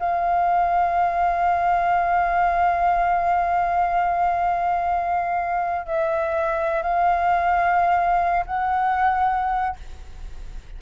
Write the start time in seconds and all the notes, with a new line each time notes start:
0.00 F5
5.86 E5
6.82 F5
8.46 F#5